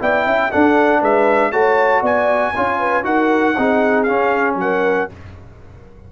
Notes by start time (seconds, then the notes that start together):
0.00 B3 E4 D5 G5
0.26 C#4 E5
0.51 D4 A4 F#5
1.00 G#3 B4 E5
1.52 A3 F#4 C#5 A5
2.01 B3 D5 G#5
2.55 C#4 F4 C#5
2.80 B4
3.03 D#4 F#4 A#4 F#5
3.56 C4 D#4 G#4
4.03 C#4 F5
4.56 F#3 A#4 F#5